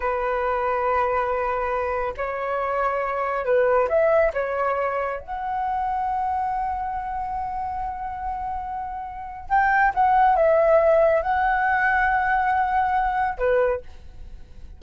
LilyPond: \new Staff \with { instrumentName = "flute" } { \time 4/4 \tempo 4 = 139 b'1~ | b'4 cis''2. | b'4 e''4 cis''2 | fis''1~ |
fis''1~ | fis''2 g''4 fis''4 | e''2 fis''2~ | fis''2. b'4 | }